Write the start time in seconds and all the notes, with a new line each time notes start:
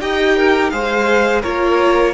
0.00 D#4 G4 D#5 G5
0.36 A#4
0.70 G#3 G#4 C5 F5
1.41 A#3 F4 A#4 C#5